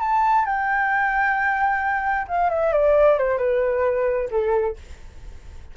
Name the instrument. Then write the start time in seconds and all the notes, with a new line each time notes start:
flute
0.00 A5
0.45 G5
2.28 F5
2.50 E5
2.73 D5
3.18 C5
3.38 B4
4.31 A4